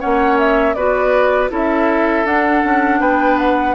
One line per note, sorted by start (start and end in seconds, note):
0.00 0.76 A#3
0.00 0.75 C#4
0.00 0.76 C#5
0.00 0.39 F#5
0.39 0.74 E5
0.74 1.51 B3
0.74 1.50 F#4
0.74 1.51 B4
0.74 1.49 D5
1.50 2.25 C#4
1.50 2.25 E4
1.50 3.01 A4
1.50 2.27 E5
2.25 2.63 D4
2.25 3.75 D4
2.25 3.01 F#5
2.65 3.00 C#4
3.00 3.75 B3
3.00 3.75 B4
3.00 3.38 G5
3.39 3.75 F#5